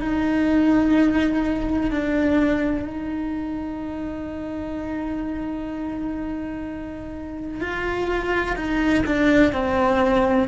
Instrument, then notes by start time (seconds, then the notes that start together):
cello
0.00 D#4
1.90 D4
2.85 D#4
7.61 F4
8.56 D#4
9.06 D4
9.52 C4